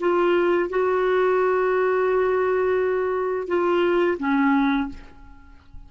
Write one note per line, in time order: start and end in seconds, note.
0.00 0.70 F4
0.70 3.48 F#4
3.48 4.18 F4
4.19 4.89 C#4